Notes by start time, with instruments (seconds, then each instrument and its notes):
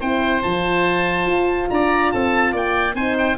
0.00 tuba C4, horn E4, oboe C5 G5
0.43 tuba F3, horn F4, oboe A5
1.26 tuba F4
1.71 tuba D4, oboe D5 A#5
2.12 tuba C4, oboe A4 A5
2.52 tuba A#3, oboe D5 G5
2.95 tuba C4, horn D#4, oboe C5 G#5
3.18 oboe G5